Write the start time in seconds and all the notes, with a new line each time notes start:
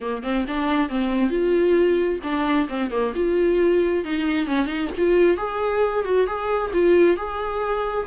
0.01 A#3
0.23 C4
0.47 D4
0.89 C4
1.30 F4
2.23 D4
2.69 C4
2.91 A#3
3.15 F4
4.04 D#4
4.47 C#4
4.66 D#4
4.97 F4
5.37 G#4
6.04 F#4
6.26 G#4
6.73 F4
7.16 G#4